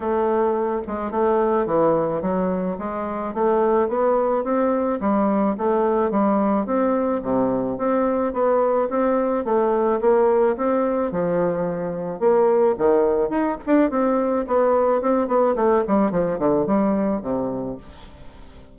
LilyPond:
\new Staff \with { instrumentName = "bassoon" } { \time 4/4 \tempo 4 = 108 a4. gis8 a4 e4 | fis4 gis4 a4 b4 | c'4 g4 a4 g4 | c'4 c4 c'4 b4 |
c'4 a4 ais4 c'4 | f2 ais4 dis4 | dis'8 d'8 c'4 b4 c'8 b8 | a8 g8 f8 d8 g4 c4 | }